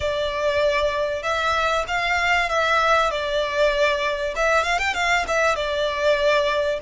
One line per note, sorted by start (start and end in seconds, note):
0.00 1.22 D5
1.22 1.84 E5
1.87 2.49 F5
2.49 3.10 E5
3.10 4.34 D5
4.35 4.63 E5
4.63 4.78 F5
4.78 4.94 G5
4.94 5.25 F5
5.27 5.55 E5
5.55 6.79 D5